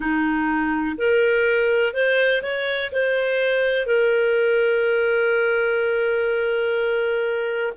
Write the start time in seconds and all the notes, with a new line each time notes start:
0.00 D#4
0.97 A#4
1.93 C5
2.42 C#5
2.92 C5
3.86 A#4